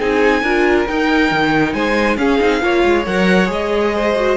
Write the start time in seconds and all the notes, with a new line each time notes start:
0.00 C4 D#4 G#4 G#5
0.43 D4 F4 A#4
0.88 D#4 G5
1.31 D#3
1.73 G#3 C5 G#5
2.18 C#4 G#4 F5
2.40 C4 D#4
2.61 A#3 F4 C#5
2.85 G#3
3.07 F#3 A#4 F#5
3.46 G#3 G#4 D#5
3.95 C5
4.16 F#4